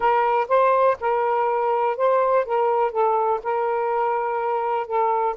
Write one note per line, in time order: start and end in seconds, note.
0.00 0.47 A#4
0.48 0.97 C5
1.00 1.96 A#4
1.96 2.45 C5
2.45 2.91 A#4
2.91 3.40 A4
3.43 4.86 A#4
4.86 5.35 A4